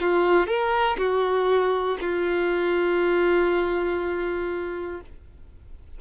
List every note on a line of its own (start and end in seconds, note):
0.00 0.47 F4
0.47 0.97 A#4
0.98 1.98 F#4
2.00 5.00 F4